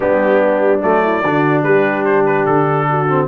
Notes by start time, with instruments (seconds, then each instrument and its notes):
0.00 tuba G3, trombone B3, horn D4, trumpet G4
0.82 tuba F#3, trombone A3, trumpet D5
1.02 horn E4
1.23 tuba D3, trombone D4, horn F#4
1.63 tuba G3, horn G4, trumpet B4
2.04 trumpet C5
2.25 trumpet B4
2.45 tuba D3, trumpet A4
2.89 horn F#4
3.08 trombone C4